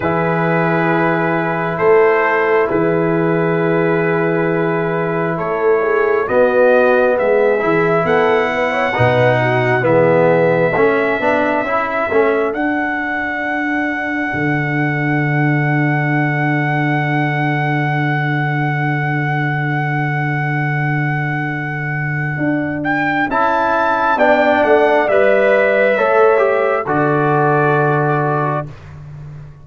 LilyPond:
<<
  \new Staff \with { instrumentName = "trumpet" } { \time 4/4 \tempo 4 = 67 b'2 c''4 b'4~ | b'2 cis''4 dis''4 | e''4 fis''2 e''4~ | e''2 fis''2~ |
fis''1~ | fis''1~ | fis''4. g''8 a''4 g''8 fis''8 | e''2 d''2 | }
  \new Staff \with { instrumentName = "horn" } { \time 4/4 gis'2 a'4 gis'4~ | gis'2 a'8 gis'8 fis'4 | gis'4 a'8 b'16 cis''16 b'8 fis'8 gis'4 | a'1~ |
a'1~ | a'1~ | a'2. d''4~ | d''4 cis''4 a'2 | }
  \new Staff \with { instrumentName = "trombone" } { \time 4/4 e'1~ | e'2. b4~ | b8 e'4. dis'4 b4 | cis'8 d'8 e'8 cis'8 d'2~ |
d'1~ | d'1~ | d'2 e'4 d'4 | b'4 a'8 g'8 fis'2 | }
  \new Staff \with { instrumentName = "tuba" } { \time 4/4 e2 a4 e4~ | e2 a4 b4 | gis8 e8 b4 b,4 e4 | a8 b8 cis'8 a8 d'2 |
d1~ | d1~ | d4 d'4 cis'4 b8 a8 | g4 a4 d2 | }
>>